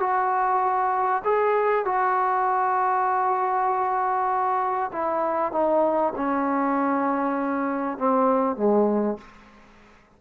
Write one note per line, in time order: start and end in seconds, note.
0.00 1.22 F#4
1.25 1.85 G#4
1.85 4.91 F#4
4.93 5.52 E4
5.52 6.13 D#4
6.16 7.98 C#4
7.98 8.57 C4
8.57 9.18 G#3